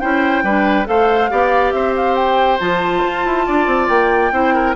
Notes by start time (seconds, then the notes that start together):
0.00 C#4 E4 C5 G5
0.43 G3 D4 B4
0.85 A3 A4 C5 F5
1.30 B3 G4 D5
1.72 C4 C5 E5
1.96 F5
2.15 G5
2.60 F3 F4 A5
3.04 F4
3.25 E4
3.46 D4 D5
3.67 C4
3.88 A#3 G5
4.32 C4 E4 C5
4.54 A#4